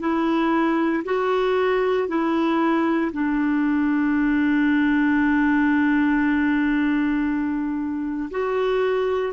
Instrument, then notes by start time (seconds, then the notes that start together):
clarinet
0.00 E4
1.05 F#4
2.08 E4
3.13 D4
8.30 F#4